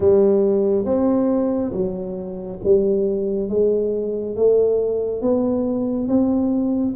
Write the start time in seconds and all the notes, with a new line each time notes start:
0.00 G3
0.85 C4
1.72 F#3
2.63 G3
3.49 G#3
4.36 A3
5.21 B3
6.08 C4